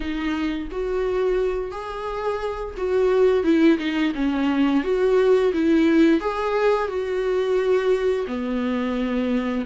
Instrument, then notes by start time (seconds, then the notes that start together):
viola
0.00 D#4
0.71 F#4
1.71 G#4
2.77 F#4
3.43 E4
3.78 D#4
4.14 C#4
4.83 F#4
5.53 E4
6.20 G#4
6.88 F#4
8.27 B3